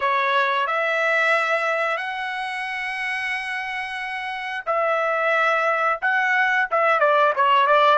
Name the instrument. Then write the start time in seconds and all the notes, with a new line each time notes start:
trumpet
0.00 C#5
0.66 E5
1.97 F#5
4.65 E5
6.01 F#5
6.70 E5
7.00 D5
7.35 C#5
7.66 D5